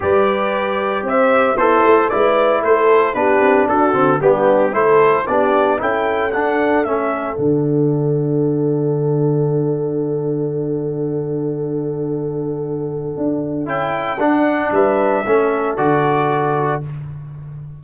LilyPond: <<
  \new Staff \with { instrumentName = "trumpet" } { \time 4/4 \tempo 4 = 114 d''2 e''4 c''4 | d''4 c''4 b'4 a'4 | g'4 c''4 d''4 g''4 | fis''4 e''4 fis''2~ |
fis''1~ | fis''1~ | fis''2 g''4 fis''4 | e''2 d''2 | }
  \new Staff \with { instrumentName = "horn" } { \time 4/4 b'2 c''4 e'4 | b'4 a'4 g'4 fis'4 | d'4 a'4 g'4 a'4~ | a'1~ |
a'1~ | a'1~ | a'1 | b'4 a'2. | }
  \new Staff \with { instrumentName = "trombone" } { \time 4/4 g'2. a'4 | e'2 d'4. c'8 | b4 e'4 d'4 e'4 | d'4 cis'4 d'2~ |
d'1~ | d'1~ | d'2 e'4 d'4~ | d'4 cis'4 fis'2 | }
  \new Staff \with { instrumentName = "tuba" } { \time 4/4 g2 c'4 b8 a8 | gis4 a4 b8 c'8 d'8 d8 | g4 a4 b4 cis'4 | d'4 a4 d2~ |
d1~ | d1~ | d4 d'4 cis'4 d'4 | g4 a4 d2 | }
>>